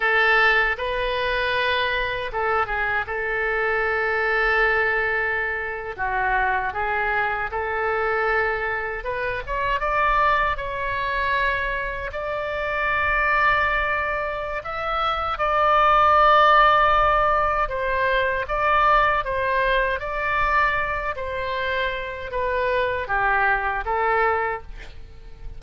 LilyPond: \new Staff \with { instrumentName = "oboe" } { \time 4/4 \tempo 4 = 78 a'4 b'2 a'8 gis'8 | a'2.~ a'8. fis'16~ | fis'8. gis'4 a'2 b'16~ | b'16 cis''8 d''4 cis''2 d''16~ |
d''2. e''4 | d''2. c''4 | d''4 c''4 d''4. c''8~ | c''4 b'4 g'4 a'4 | }